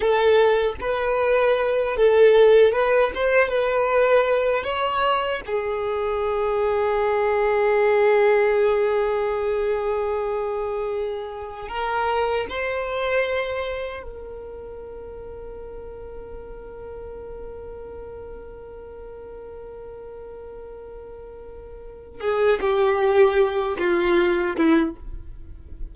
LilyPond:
\new Staff \with { instrumentName = "violin" } { \time 4/4 \tempo 4 = 77 a'4 b'4. a'4 b'8 | c''8 b'4. cis''4 gis'4~ | gis'1~ | gis'2. ais'4 |
c''2 ais'2~ | ais'1~ | ais'1~ | ais'8 gis'8 g'4. f'4 e'8 | }